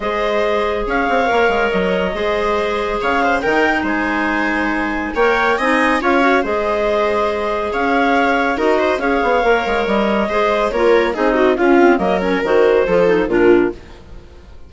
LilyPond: <<
  \new Staff \with { instrumentName = "clarinet" } { \time 4/4 \tempo 4 = 140 dis''2 f''2 | dis''2. f''4 | g''4 gis''2. | g''4 gis''4 f''4 dis''4~ |
dis''2 f''2 | dis''4 f''2 dis''4~ | dis''4 cis''4 dis''4 f''4 | dis''8 cis''8 c''2 ais'4 | }
  \new Staff \with { instrumentName = "viola" } { \time 4/4 c''2 cis''2~ | cis''4 c''2 cis''8 c''8 | ais'4 c''2. | cis''4 dis''4 cis''4 c''4~ |
c''2 cis''2 | ais'8 c''8 cis''2. | c''4 ais'4 gis'8 fis'8 f'4 | ais'2 a'4 f'4 | }
  \new Staff \with { instrumentName = "clarinet" } { \time 4/4 gis'2. ais'4~ | ais'4 gis'2. | dis'1 | ais'4 dis'4 f'8 fis'8 gis'4~ |
gis'1 | fis'4 gis'4 ais'2 | gis'4 f'4 dis'4 cis'8 c'8 | ais8 cis'8 fis'4 f'8 dis'8 d'4 | }
  \new Staff \with { instrumentName = "bassoon" } { \time 4/4 gis2 cis'8 c'8 ais8 gis8 | fis4 gis2 cis4 | dis4 gis2. | ais4 c'4 cis'4 gis4~ |
gis2 cis'2 | dis'4 cis'8 b8 ais8 gis8 g4 | gis4 ais4 c'4 cis'4 | fis4 dis4 f4 ais,4 | }
>>